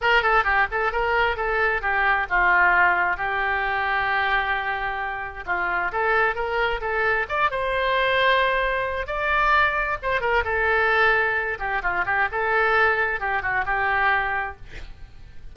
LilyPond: \new Staff \with { instrumentName = "oboe" } { \time 4/4 \tempo 4 = 132 ais'8 a'8 g'8 a'8 ais'4 a'4 | g'4 f'2 g'4~ | g'1 | f'4 a'4 ais'4 a'4 |
d''8 c''2.~ c''8 | d''2 c''8 ais'8 a'4~ | a'4. g'8 f'8 g'8 a'4~ | a'4 g'8 fis'8 g'2 | }